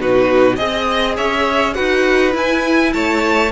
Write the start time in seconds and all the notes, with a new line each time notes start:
0.00 B2 D#4 F#4 B4
0.55 C4 G#4 D#5
1.16 C#4 C#5 E5
1.74 D#4 F#4 B4 F#5
2.31 E4 G#5
2.93 A3 C#5 A5